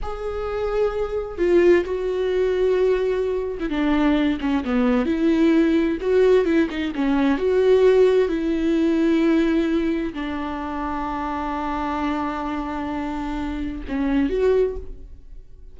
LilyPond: \new Staff \with { instrumentName = "viola" } { \time 4/4 \tempo 4 = 130 gis'2. f'4 | fis'2.~ fis'8. e'16 | d'4. cis'8 b4 e'4~ | e'4 fis'4 e'8 dis'8 cis'4 |
fis'2 e'2~ | e'2 d'2~ | d'1~ | d'2 cis'4 fis'4 | }